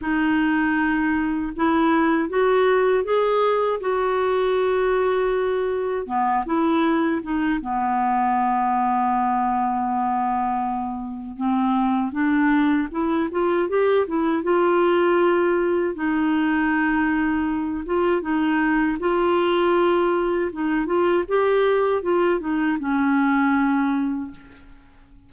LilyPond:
\new Staff \with { instrumentName = "clarinet" } { \time 4/4 \tempo 4 = 79 dis'2 e'4 fis'4 | gis'4 fis'2. | b8 e'4 dis'8 b2~ | b2. c'4 |
d'4 e'8 f'8 g'8 e'8 f'4~ | f'4 dis'2~ dis'8 f'8 | dis'4 f'2 dis'8 f'8 | g'4 f'8 dis'8 cis'2 | }